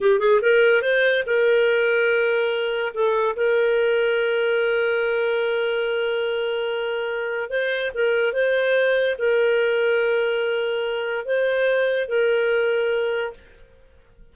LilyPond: \new Staff \with { instrumentName = "clarinet" } { \time 4/4 \tempo 4 = 144 g'8 gis'8 ais'4 c''4 ais'4~ | ais'2. a'4 | ais'1~ | ais'1~ |
ais'2 c''4 ais'4 | c''2 ais'2~ | ais'2. c''4~ | c''4 ais'2. | }